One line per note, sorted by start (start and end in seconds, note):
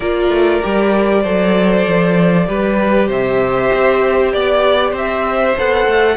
0.00 0.28 A#3
0.00 0.61 F4
0.00 1.22 A#4
0.00 3.08 D5
0.28 0.59 A3
0.61 1.24 G3
0.61 1.23 G4
1.22 1.86 F#3
1.22 2.47 A4
1.22 2.46 C5
1.87 2.48 F3
2.47 3.08 G3
2.47 5.56 G4
2.47 3.08 B4
3.08 3.70 C3
3.08 4.31 C5
3.08 4.32 E5
3.73 4.33 C4
4.32 4.92 B3
4.32 4.94 D5
4.32 4.90 D5
4.90 5.54 C4
4.90 6.14 C5
4.97 5.58 E5
5.57 5.86 B3
5.57 6.17 A4
5.57 6.17 F#5
5.86 6.17 A3